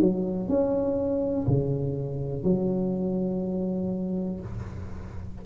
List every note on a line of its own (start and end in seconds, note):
0.00 0.49 F#3
0.49 1.47 C#4
1.47 2.44 C#3
2.44 4.40 F#3